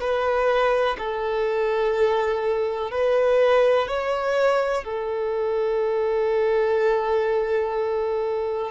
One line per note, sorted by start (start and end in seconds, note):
0.00 0.97 B4
0.99 2.91 A4
2.91 3.88 B4
3.88 4.84 C#5
4.84 8.71 A4